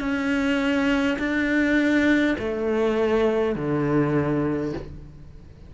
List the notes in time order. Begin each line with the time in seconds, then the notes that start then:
0.00 C#4
1.19 D4
2.39 A3
3.56 D3